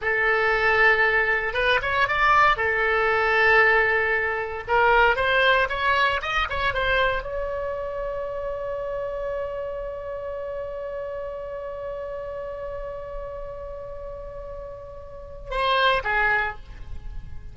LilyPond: \new Staff \with { instrumentName = "oboe" } { \time 4/4 \tempo 4 = 116 a'2. b'8 cis''8 | d''4 a'2.~ | a'4 ais'4 c''4 cis''4 | dis''8 cis''8 c''4 cis''2~ |
cis''1~ | cis''1~ | cis''1~ | cis''2 c''4 gis'4 | }